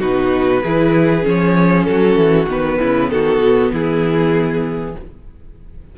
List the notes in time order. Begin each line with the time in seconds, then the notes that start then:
0.00 B2 D#4 F#4 B4
0.62 E3 E4 G#4
1.23 F3 C#4
1.29 C#5
1.85 F#3 F#4 A4
2.16 E3
2.48 D#3 B3 B4
2.80 C#3 E4
3.10 D#3 F#4 A4
3.39 B2
3.72 E3 E4 G#4